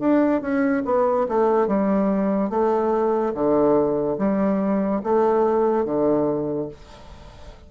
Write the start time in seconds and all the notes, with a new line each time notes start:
0.00 D4
0.42 C#4
0.86 B3
1.29 A3
1.68 G3
2.50 A3
3.34 D3
4.19 G3
5.04 A3
5.86 D3